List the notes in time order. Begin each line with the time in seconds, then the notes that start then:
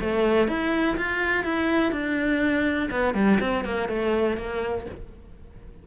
0.00 A3
0.47 E4
0.97 F4
1.44 E4
1.92 D4
2.90 B3
3.14 G3
3.40 C4
3.64 A#3
3.88 A3
4.37 A#3